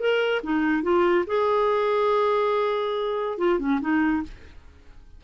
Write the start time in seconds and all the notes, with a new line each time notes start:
0.00 A#4
0.44 D#4
0.83 F4
1.27 G#4
3.38 F4
3.60 C#4
3.81 D#4